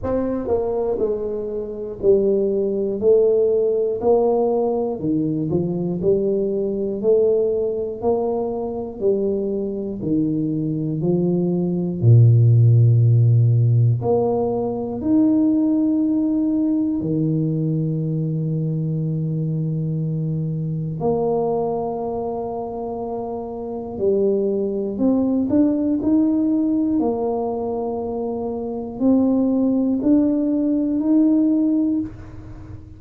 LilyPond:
\new Staff \with { instrumentName = "tuba" } { \time 4/4 \tempo 4 = 60 c'8 ais8 gis4 g4 a4 | ais4 dis8 f8 g4 a4 | ais4 g4 dis4 f4 | ais,2 ais4 dis'4~ |
dis'4 dis2.~ | dis4 ais2. | g4 c'8 d'8 dis'4 ais4~ | ais4 c'4 d'4 dis'4 | }